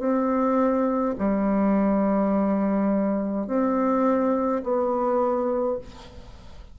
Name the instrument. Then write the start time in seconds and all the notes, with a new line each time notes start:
bassoon
0.00 C4
1.19 G3
3.47 C4
4.63 B3